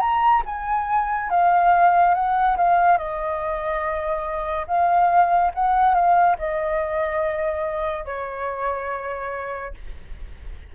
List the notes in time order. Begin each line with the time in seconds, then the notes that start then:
0.00 A#5
0.45 G#5
1.30 F5
2.14 F#5
2.57 F5
2.97 D#5
4.67 F5
5.54 F#5
5.94 F5
6.38 D#5
8.05 C#5